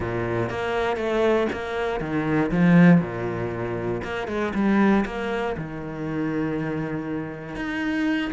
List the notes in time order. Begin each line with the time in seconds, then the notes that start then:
0.00 A#2
0.49 A#3
0.96 A3
1.52 A#3
2.00 D#3
2.51 F3
3.00 A#2
4.03 A#3
4.27 G#3
4.54 G3
5.05 A#3
5.57 D#3
7.55 D#4